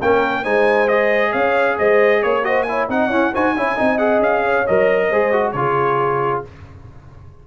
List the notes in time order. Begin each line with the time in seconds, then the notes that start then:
0.00 A#3 C#4 A#4 G5
0.43 G#3 D#4 C5 G#5
0.89 G#4 D#5
1.32 C#4 C#5 F5
1.79 G#3 C5 D#5
2.23 A#3 C#5
2.44 F#4 C5 D#5
2.63 E4 C#5 G#5
2.89 C4 D#4 D#5 F#5
3.08 C#4 E4 C#5
3.33 D#4 F#4 C5 G#5
3.57 C#4 E4 C#5
3.76 C4 D#4 D#5
3.99 G#4 F#5
4.20 C#4 F5
4.45 C#5
4.67 F#3 A#4 D#5
5.10 G#3 G#4 C5
5.33 F#4
5.52 C#3 F4 C#5
5.59 G#4